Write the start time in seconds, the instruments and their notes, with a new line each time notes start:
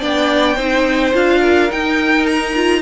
0.00 cello B3, viola D4, violin D5 G5
0.56 cello C4, viola D#4, violin C5
1.14 cello D4, viola F4, violin F5
1.40 violin A#4
1.70 viola D#4, cello D#4, violin G5
2.26 violin A#5
2.56 viola F4